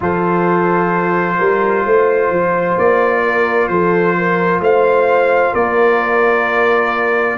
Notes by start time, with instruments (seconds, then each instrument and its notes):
0.00 tuba F3, trombone F4, horn A4, trumpet C5
1.37 tuba G3, horn A#4
1.84 tuba A3, horn C5
2.30 tuba F3
2.77 tuba A#3, trumpet D5
3.23 horn A#4
3.67 tuba F3, horn A4, trumpet C5
4.18 horn A#4
4.60 tuba A3, horn C5, trumpet F5
5.52 tuba A#3, horn A#4, trumpet D5